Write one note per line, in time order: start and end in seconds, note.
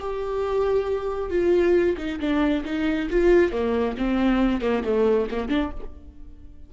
0.00 1.30 G4
1.30 1.97 F4
1.98 2.20 D#4
2.20 2.65 D4
2.65 3.09 D#4
3.10 3.52 F4
3.52 3.96 A#3
3.98 4.61 C4
4.61 4.83 A#3
4.84 5.28 A3
5.31 5.49 A#3
5.49 5.71 D4